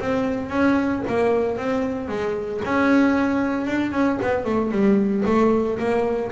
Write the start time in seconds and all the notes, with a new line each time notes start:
0.00 C4
0.50 C#4
1.08 A#3
1.58 C4
2.09 G#3
2.65 C#4
3.67 D4
3.92 C#4
4.22 B3
4.45 A3
4.72 G3
5.26 A3
5.79 A#3